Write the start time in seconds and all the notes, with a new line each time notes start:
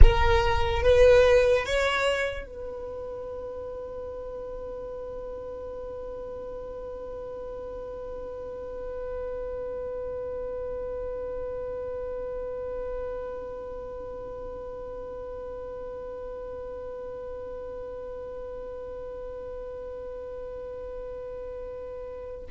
0.02 A#4
0.82 B4
1.65 C#5
2.46 B4